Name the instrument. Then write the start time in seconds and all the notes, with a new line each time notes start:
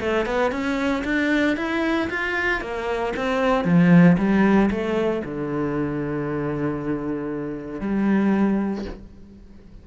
cello
0.00 A3
0.26 B3
0.51 C#4
1.04 D4
1.57 E4
2.10 F4
2.61 A#3
3.16 C4
3.65 F3
4.18 G3
4.71 A3
5.25 D3
7.81 G3